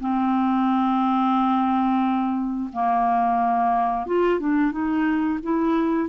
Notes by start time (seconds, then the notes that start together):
0.00 C4
2.72 A#3
4.06 F4
4.39 D4
4.72 D#4
5.43 E4